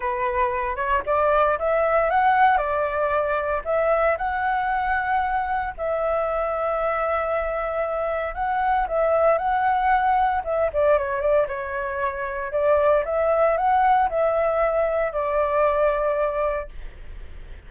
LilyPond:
\new Staff \with { instrumentName = "flute" } { \time 4/4 \tempo 4 = 115 b'4. cis''8 d''4 e''4 | fis''4 d''2 e''4 | fis''2. e''4~ | e''1 |
fis''4 e''4 fis''2 | e''8 d''8 cis''8 d''8 cis''2 | d''4 e''4 fis''4 e''4~ | e''4 d''2. | }